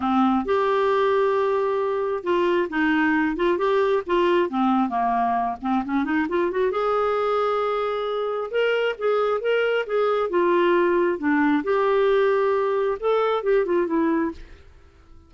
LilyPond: \new Staff \with { instrumentName = "clarinet" } { \time 4/4 \tempo 4 = 134 c'4 g'2.~ | g'4 f'4 dis'4. f'8 | g'4 f'4 c'4 ais4~ | ais8 c'8 cis'8 dis'8 f'8 fis'8 gis'4~ |
gis'2. ais'4 | gis'4 ais'4 gis'4 f'4~ | f'4 d'4 g'2~ | g'4 a'4 g'8 f'8 e'4 | }